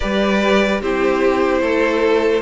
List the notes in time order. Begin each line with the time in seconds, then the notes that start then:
0.00 G3 G4 B4 D5
0.81 C4 E4 G4 C5
1.60 A3 A4